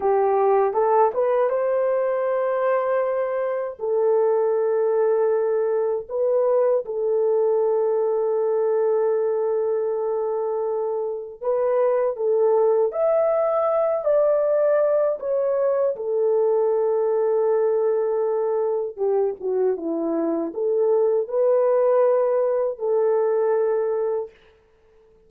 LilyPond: \new Staff \with { instrumentName = "horn" } { \time 4/4 \tempo 4 = 79 g'4 a'8 b'8 c''2~ | c''4 a'2. | b'4 a'2.~ | a'2. b'4 |
a'4 e''4. d''4. | cis''4 a'2.~ | a'4 g'8 fis'8 e'4 a'4 | b'2 a'2 | }